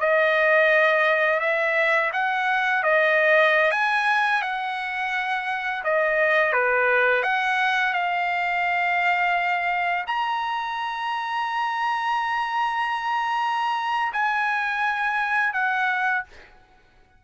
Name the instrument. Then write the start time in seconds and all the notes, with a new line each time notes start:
trumpet
0.00 D#5
1.40 E5
2.13 F#5
2.83 D#5
3.71 G#5
4.42 F#5
5.84 D#5
6.53 B4
7.23 F#5
7.93 F5
10.07 A#5
14.13 G#5
15.53 F#5